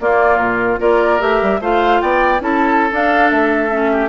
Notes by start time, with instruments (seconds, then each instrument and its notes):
0.00 bassoon A#3, clarinet A#3, oboe F4, flute D5
0.38 bassoon A#2, flute A#4
0.79 bassoon A#3, clarinet F4, oboe A#4, flute D5
1.19 bassoon A3, clarinet G4, flute E5
1.42 bassoon G3
1.60 bassoon A3, clarinet F4, oboe C5, flute F5
2.01 bassoon B3, oboe D5, flute G5
2.39 bassoon C#4, clarinet E4, oboe A4, flute A5
2.92 bassoon D4, clarinet D4, flute F5
3.30 bassoon A3, flute E5
3.70 clarinet C#4
3.92 oboe G4